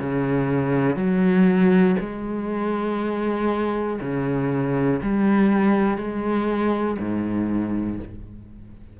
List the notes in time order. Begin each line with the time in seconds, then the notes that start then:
0.00 C#3
0.96 F#3
2.00 G#3
4.01 C#3
5.02 G3
5.98 G#3
6.99 G#2